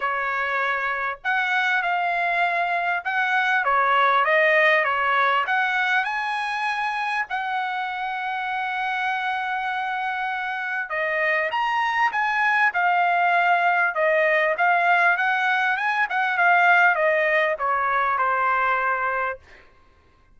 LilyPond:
\new Staff \with { instrumentName = "trumpet" } { \time 4/4 \tempo 4 = 99 cis''2 fis''4 f''4~ | f''4 fis''4 cis''4 dis''4 | cis''4 fis''4 gis''2 | fis''1~ |
fis''2 dis''4 ais''4 | gis''4 f''2 dis''4 | f''4 fis''4 gis''8 fis''8 f''4 | dis''4 cis''4 c''2 | }